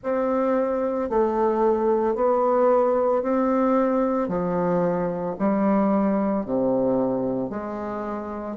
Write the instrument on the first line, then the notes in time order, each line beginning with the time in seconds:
bassoon
0.03 C4
1.10 A3
2.15 B3
3.22 C4
4.28 F3
5.39 G3
6.45 C3
7.50 G#3